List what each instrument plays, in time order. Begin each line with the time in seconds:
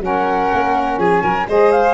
0.00 tuba F#3, saxophone C#4, violin A#4, flute F#5
0.53 tuba A#3
0.98 tuba F3, violin G#4, flute G#5
1.22 tuba F#3, violin A#4
1.48 tuba G#3, saxophone G#4, violin C5, flute D#5
1.71 flute F5